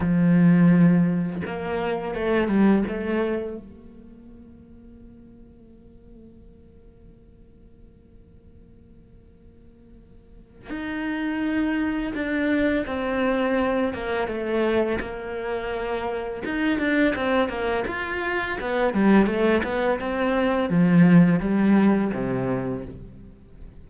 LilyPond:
\new Staff \with { instrumentName = "cello" } { \time 4/4 \tempo 4 = 84 f2 ais4 a8 g8 | a4 ais2.~ | ais1~ | ais2. dis'4~ |
dis'4 d'4 c'4. ais8 | a4 ais2 dis'8 d'8 | c'8 ais8 f'4 b8 g8 a8 b8 | c'4 f4 g4 c4 | }